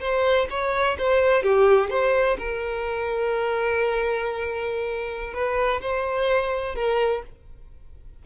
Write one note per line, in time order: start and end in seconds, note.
0.00 0.47 C5
0.50 0.97 C#5
0.98 1.43 C5
1.43 1.90 G4
1.90 2.37 C5
2.38 5.33 A#4
5.33 5.80 B4
5.81 6.75 C5
6.75 7.22 A#4